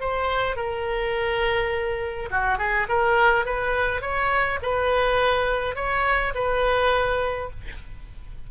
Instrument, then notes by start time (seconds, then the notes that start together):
oboe
0.00 C5
0.56 A#4
2.31 F#4
2.58 G#4
2.88 A#4
3.45 B4
4.01 C#5
4.62 B4
5.75 C#5
6.34 B4